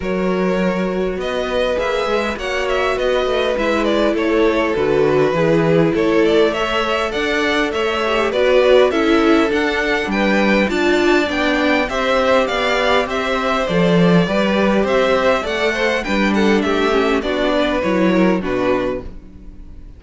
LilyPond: <<
  \new Staff \with { instrumentName = "violin" } { \time 4/4 \tempo 4 = 101 cis''2 dis''4 e''4 | fis''8 e''8 dis''4 e''8 d''8 cis''4 | b'2 cis''8 d''8 e''4 | fis''4 e''4 d''4 e''4 |
fis''4 g''4 a''4 g''4 | e''4 f''4 e''4 d''4~ | d''4 e''4 fis''4 g''8 fis''8 | e''4 d''4 cis''4 b'4 | }
  \new Staff \with { instrumentName = "violin" } { \time 4/4 ais'2 b'2 | cis''4 b'2 a'4~ | a'4 gis'4 a'4 cis''4 | d''4 cis''4 b'4 a'4~ |
a'4 b'4 d''2 | c''4 d''4 c''2 | b'4 c''4 d''8 c''8 b'8 a'8 | g'4 fis'8 b'4 ais'8 fis'4 | }
  \new Staff \with { instrumentName = "viola" } { \time 4/4 fis'2. gis'4 | fis'2 e'2 | fis'4 e'2 a'4~ | a'4. g'8 fis'4 e'4 |
d'2 f'4 d'4 | g'2. a'4 | g'2 a'4 d'4~ | d'8 cis'8 d'4 e'4 d'4 | }
  \new Staff \with { instrumentName = "cello" } { \time 4/4 fis2 b4 ais8 gis8 | ais4 b8 a8 gis4 a4 | d4 e4 a2 | d'4 a4 b4 cis'4 |
d'4 g4 d'4 b4 | c'4 b4 c'4 f4 | g4 c'4 a4 g4 | a4 b4 fis4 b,4 | }
>>